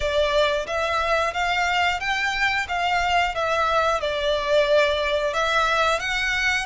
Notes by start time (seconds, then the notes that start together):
0.00 D5
0.67 E5
1.33 F5
2.00 G5
2.68 F5
3.34 E5
4.00 D5
5.33 E5
5.99 F#5